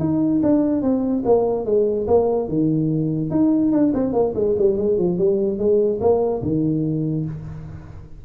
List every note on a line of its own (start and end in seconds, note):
0.00 0.41 D#4
0.43 0.82 D4
0.82 1.24 C4
1.26 1.66 A#3
1.66 2.07 G#3
2.07 2.49 A#3
2.49 3.31 D#3
3.31 3.72 D#4
3.72 3.93 D4
3.95 4.13 C4
4.13 4.34 A#3
4.35 4.56 G#3
4.59 4.78 G3
4.78 4.98 G#3
4.98 5.18 F3
5.18 5.59 G3
5.59 6.00 G#3
6.01 6.42 A#3
6.43 7.26 D#3